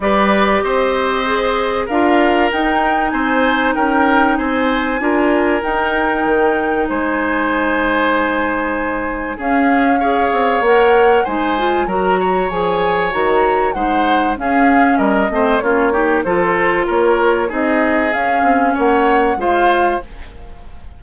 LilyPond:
<<
  \new Staff \with { instrumentName = "flute" } { \time 4/4 \tempo 4 = 96 d''4 dis''2 f''4 | g''4 gis''4 g''4 gis''4~ | gis''4 g''2 gis''4~ | gis''2. f''4~ |
f''4 fis''4 gis''4 ais''4 | gis''4 ais''4 fis''4 f''4 | dis''4 cis''4 c''4 cis''4 | dis''4 f''4 fis''4 f''4 | }
  \new Staff \with { instrumentName = "oboe" } { \time 4/4 b'4 c''2 ais'4~ | ais'4 c''4 ais'4 c''4 | ais'2. c''4~ | c''2. gis'4 |
cis''2 c''4 ais'8 cis''8~ | cis''2 c''4 gis'4 | ais'8 c''8 f'8 g'8 a'4 ais'4 | gis'2 cis''4 c''4 | }
  \new Staff \with { instrumentName = "clarinet" } { \time 4/4 g'2 gis'4 f'4 | dis'1 | f'4 dis'2.~ | dis'2. cis'4 |
gis'4 ais'4 dis'8 f'8 fis'4 | gis'4 fis'4 dis'4 cis'4~ | cis'8 c'8 cis'8 dis'8 f'2 | dis'4 cis'2 f'4 | }
  \new Staff \with { instrumentName = "bassoon" } { \time 4/4 g4 c'2 d'4 | dis'4 c'4 cis'4 c'4 | d'4 dis'4 dis4 gis4~ | gis2. cis'4~ |
cis'8 c'8 ais4 gis4 fis4 | f4 dis4 gis4 cis'4 | g8 a8 ais4 f4 ais4 | c'4 cis'8 c'8 ais4 gis4 | }
>>